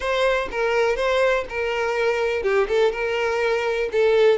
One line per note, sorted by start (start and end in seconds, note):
0.00 0.49 C5
0.51 0.96 A#4
0.96 1.44 C5
1.49 2.42 A#4
2.42 2.67 G4
2.68 2.92 A4
2.92 3.89 A#4
3.92 4.38 A4